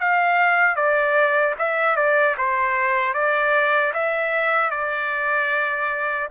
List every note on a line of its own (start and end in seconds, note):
0.00 0.76 F5
0.76 1.55 D5
1.59 1.96 E5
1.96 2.36 D5
2.38 3.14 C5
3.14 3.93 D5
3.93 4.70 E5
4.70 6.28 D5